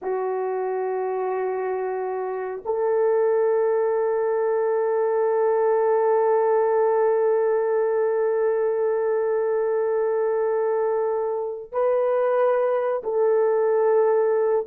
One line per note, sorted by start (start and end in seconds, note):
0.02 2.63 F#4
2.65 11.72 A4
11.72 13.02 B4
13.03 14.66 A4